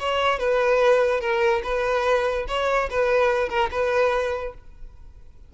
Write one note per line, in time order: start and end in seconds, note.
0.00 0.40 C#5
0.40 1.21 B4
1.21 1.62 A#4
1.64 2.47 B4
2.48 2.90 C#5
2.91 3.50 B4
3.50 3.70 A#4
3.71 4.54 B4